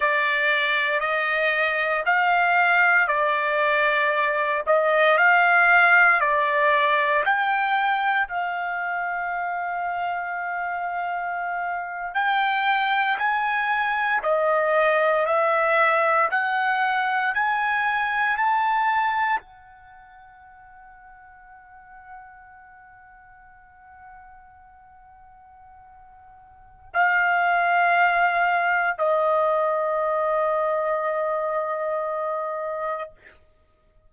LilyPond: \new Staff \with { instrumentName = "trumpet" } { \time 4/4 \tempo 4 = 58 d''4 dis''4 f''4 d''4~ | d''8 dis''8 f''4 d''4 g''4 | f''2.~ f''8. g''16~ | g''8. gis''4 dis''4 e''4 fis''16~ |
fis''8. gis''4 a''4 fis''4~ fis''16~ | fis''1~ | fis''2 f''2 | dis''1 | }